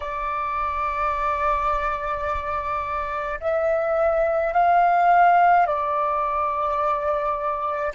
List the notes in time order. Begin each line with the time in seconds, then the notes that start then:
0.00 D5
3.40 E5
4.53 F5
5.66 D5